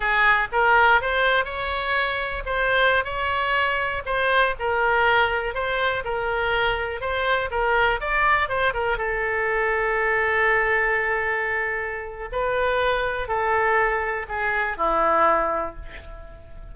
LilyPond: \new Staff \with { instrumentName = "oboe" } { \time 4/4 \tempo 4 = 122 gis'4 ais'4 c''4 cis''4~ | cis''4 c''4~ c''16 cis''4.~ cis''16~ | cis''16 c''4 ais'2 c''8.~ | c''16 ais'2 c''4 ais'8.~ |
ais'16 d''4 c''8 ais'8 a'4.~ a'16~ | a'1~ | a'4 b'2 a'4~ | a'4 gis'4 e'2 | }